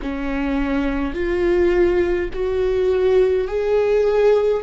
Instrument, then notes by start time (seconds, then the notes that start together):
viola
0.02 C#4
1.14 F4
2.33 F#4
3.47 G#4